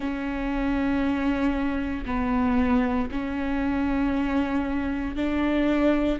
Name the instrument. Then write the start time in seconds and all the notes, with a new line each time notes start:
viola
0.00 C#4
2.05 B3
3.11 C#4
5.15 D4